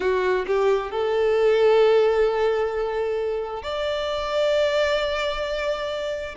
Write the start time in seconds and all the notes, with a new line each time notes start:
0.00 F#4
0.47 G4
0.91 A4
3.62 D5